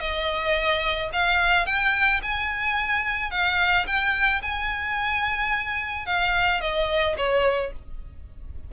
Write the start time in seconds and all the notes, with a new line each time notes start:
0.00 D#5
1.13 F5
1.66 G5
2.23 G#5
3.31 F5
3.87 G5
4.42 G#5
6.06 F5
6.61 D#5
7.17 C#5